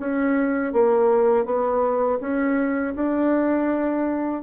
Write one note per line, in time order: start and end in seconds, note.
0.00 0.73 C#4
0.73 1.45 A#3
1.45 2.20 B3
2.21 2.95 C#4
2.96 4.43 D4